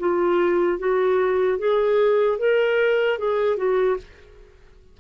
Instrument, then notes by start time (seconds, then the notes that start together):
clarinet
0.00 F4
0.79 F#4
1.59 G#4
2.39 A#4
3.19 G#4
3.57 F#4